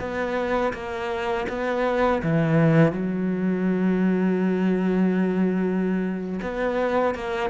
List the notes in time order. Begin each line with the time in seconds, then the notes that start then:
0.00 B3
0.74 A#3
1.49 B3
2.23 E3
2.92 F#3
6.42 B3
7.15 A#3